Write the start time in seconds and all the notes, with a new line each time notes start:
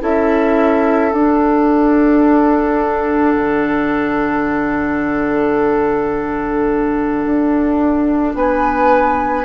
0.00 C#4 E4 A4 E5
1.12 D4 F#5
3.36 D3
7.25 D4
8.34 B3 B4 G#5